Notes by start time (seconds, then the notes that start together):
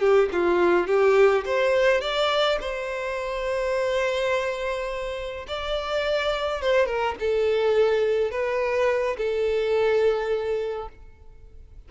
0.00 G4
0.32 F4
0.87 G4
1.45 C5
2.01 D5
2.61 C5
5.48 D5
6.61 C5
6.86 A#4
7.20 A4
8.31 B4
9.17 A4